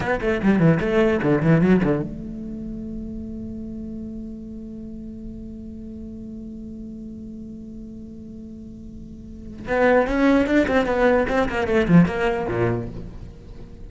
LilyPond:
\new Staff \with { instrumentName = "cello" } { \time 4/4 \tempo 4 = 149 b8 a8 g8 e8 a4 d8 e8 | fis8 d8 a2.~ | a1~ | a1~ |
a1~ | a1 | b4 cis'4 d'8 c'8 b4 | c'8 ais8 a8 f8 ais4 ais,4 | }